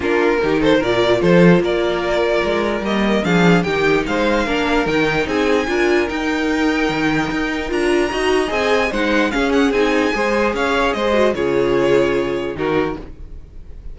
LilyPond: <<
  \new Staff \with { instrumentName = "violin" } { \time 4/4 \tempo 4 = 148 ais'4. c''8 d''4 c''4 | d''2. dis''4 | f''4 g''4 f''2 | g''4 gis''2 g''4~ |
g''2. ais''4~ | ais''4 gis''4 fis''4 f''8 fis''8 | gis''2 f''4 dis''4 | cis''2. ais'4 | }
  \new Staff \with { instrumentName = "violin" } { \time 4/4 f'4 g'8 a'8 ais'4 a'4 | ais'1 | gis'4 g'4 c''4 ais'4~ | ais'4 gis'4 ais'2~ |
ais'1 | dis''2 c''4 gis'4~ | gis'4 c''4 cis''4 c''4 | gis'2. fis'4 | }
  \new Staff \with { instrumentName = "viola" } { \time 4/4 d'4 dis'4 f'2~ | f'2. ais4 | d'4 dis'2 d'4 | dis'2 f'4 dis'4~ |
dis'2. f'4 | fis'4 gis'4 dis'4 cis'4 | dis'4 gis'2~ gis'8 fis'8 | f'2. dis'4 | }
  \new Staff \with { instrumentName = "cello" } { \time 4/4 ais4 dis4 ais,4 f4 | ais2 gis4 g4 | f4 dis4 gis4 ais4 | dis4 c'4 d'4 dis'4~ |
dis'4 dis4 dis'4 d'4 | dis'4 c'4 gis4 cis'4 | c'4 gis4 cis'4 gis4 | cis2. dis4 | }
>>